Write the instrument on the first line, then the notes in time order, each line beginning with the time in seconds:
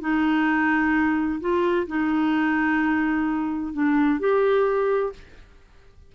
clarinet
0.00 D#4
1.40 F4
1.87 D#4
3.73 D4
4.19 G4